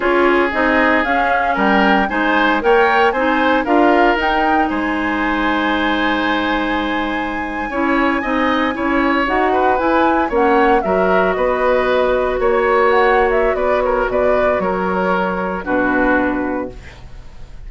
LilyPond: <<
  \new Staff \with { instrumentName = "flute" } { \time 4/4 \tempo 4 = 115 cis''4 dis''4 f''4 g''4 | gis''4 g''4 gis''4 f''4 | g''4 gis''2.~ | gis''1~ |
gis''4.~ gis''16 fis''4 gis''4 fis''16~ | fis''8. e''4 dis''2 cis''16~ | cis''8. fis''8. e''8 d''8 cis''8 d''4 | cis''2 b'2 | }
  \new Staff \with { instrumentName = "oboe" } { \time 4/4 gis'2. ais'4 | c''4 cis''4 c''4 ais'4~ | ais'4 c''2.~ | c''2~ c''8. cis''4 dis''16~ |
dis''8. cis''4. b'4. cis''16~ | cis''8. ais'4 b'2 cis''16~ | cis''2 b'8 ais'8 b'4 | ais'2 fis'2 | }
  \new Staff \with { instrumentName = "clarinet" } { \time 4/4 f'4 dis'4 cis'2 | dis'4 ais'4 dis'4 f'4 | dis'1~ | dis'2~ dis'8. e'4 dis'16~ |
dis'8. e'4 fis'4 e'4 cis'16~ | cis'8. fis'2.~ fis'16~ | fis'1~ | fis'2 d'2 | }
  \new Staff \with { instrumentName = "bassoon" } { \time 4/4 cis'4 c'4 cis'4 g4 | gis4 ais4 c'4 d'4 | dis'4 gis2.~ | gis2~ gis8. cis'4 c'16~ |
c'8. cis'4 dis'4 e'4 ais16~ | ais8. fis4 b2 ais16~ | ais2 b4 b,4 | fis2 b,2 | }
>>